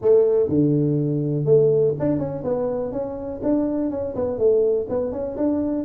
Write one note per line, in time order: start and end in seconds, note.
0.01 0.49 A3
0.49 1.45 D3
1.45 1.94 A3
1.99 2.19 D4
2.19 2.43 C#4
2.44 2.92 B3
2.92 3.40 C#4
3.42 3.90 D4
3.90 4.15 C#4
4.15 4.38 B3
4.38 4.86 A3
4.89 5.12 B3
5.12 5.36 C#4
5.37 5.84 D4